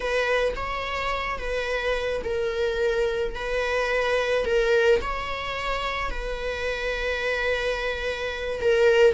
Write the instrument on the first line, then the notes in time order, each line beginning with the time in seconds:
viola
0.00 B4
0.56 C#5
1.38 B4
2.24 A#4
3.35 B4
4.45 A#4
5.01 C#5
6.10 B4
8.61 A#4